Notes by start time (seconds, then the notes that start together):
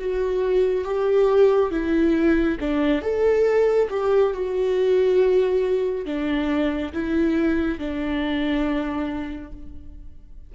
0.00 F#4
0.85 G4
1.72 E4
2.61 D4
3.02 A4
3.91 G4
4.34 F#4
6.06 D4
6.94 E4
7.79 D4